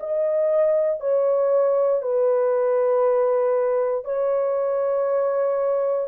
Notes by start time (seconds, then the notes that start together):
0.00 D#5
1.01 C#5
2.02 B4
4.05 C#5